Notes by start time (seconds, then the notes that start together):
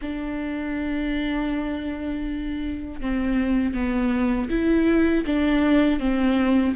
0.01 D4
3.00 C4
3.74 B3
4.49 E4
5.25 D4
5.99 C4